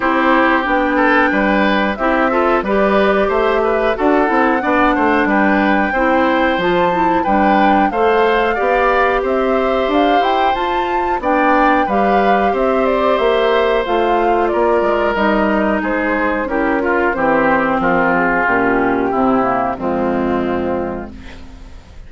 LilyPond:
<<
  \new Staff \with { instrumentName = "flute" } { \time 4/4 \tempo 4 = 91 c''4 g''2 e''4 | d''4 e''4 fis''2 | g''2 a''4 g''4 | f''2 e''4 f''8 g''8 |
a''4 g''4 f''4 e''8 d''8 | e''4 f''4 d''4 dis''4 | c''4 ais'4 c''4 ais'8 gis'8 | g'2 f'2 | }
  \new Staff \with { instrumentName = "oboe" } { \time 4/4 g'4. a'8 b'4 g'8 a'8 | b'4 c''8 b'8 a'4 d''8 c''8 | b'4 c''2 b'4 | c''4 d''4 c''2~ |
c''4 d''4 b'4 c''4~ | c''2 ais'2 | gis'4 g'8 f'8 g'4 f'4~ | f'4 e'4 c'2 | }
  \new Staff \with { instrumentName = "clarinet" } { \time 4/4 e'4 d'2 e'8 f'8 | g'2 fis'8 e'8 d'4~ | d'4 e'4 f'8 e'8 d'4 | a'4 g'2. |
f'4 d'4 g'2~ | g'4 f'2 dis'4~ | dis'4 e'8 f'8 c'2 | cis'4 c'8 ais8 gis2 | }
  \new Staff \with { instrumentName = "bassoon" } { \time 4/4 c'4 b4 g4 c'4 | g4 a4 d'8 c'8 b8 a8 | g4 c'4 f4 g4 | a4 b4 c'4 d'8 e'8 |
f'4 b4 g4 c'4 | ais4 a4 ais8 gis8 g4 | gis4 cis'4 e4 f4 | ais,4 c4 f,2 | }
>>